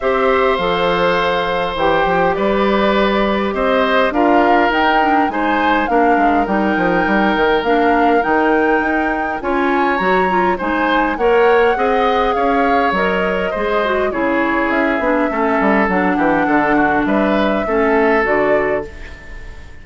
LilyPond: <<
  \new Staff \with { instrumentName = "flute" } { \time 4/4 \tempo 4 = 102 e''4 f''2 g''4 | d''2 dis''4 f''4 | g''4 gis''4 f''4 g''4~ | g''4 f''4 g''2 |
gis''4 ais''4 gis''4 fis''4~ | fis''4 f''4 dis''2 | cis''4 e''2 fis''4~ | fis''4 e''2 d''4 | }
  \new Staff \with { instrumentName = "oboe" } { \time 4/4 c''1 | b'2 c''4 ais'4~ | ais'4 c''4 ais'2~ | ais'1 |
cis''2 c''4 cis''4 | dis''4 cis''2 c''4 | gis'2 a'4. g'8 | a'8 fis'8 b'4 a'2 | }
  \new Staff \with { instrumentName = "clarinet" } { \time 4/4 g'4 a'2 g'4~ | g'2. f'4 | dis'8 d'8 dis'4 d'4 dis'4~ | dis'4 d'4 dis'2 |
f'4 fis'8 f'8 dis'4 ais'4 | gis'2 ais'4 gis'8 fis'8 | e'4. d'8 cis'4 d'4~ | d'2 cis'4 fis'4 | }
  \new Staff \with { instrumentName = "bassoon" } { \time 4/4 c'4 f2 e8 f8 | g2 c'4 d'4 | dis'4 gis4 ais8 gis8 g8 f8 | g8 dis8 ais4 dis4 dis'4 |
cis'4 fis4 gis4 ais4 | c'4 cis'4 fis4 gis4 | cis4 cis'8 b8 a8 g8 fis8 e8 | d4 g4 a4 d4 | }
>>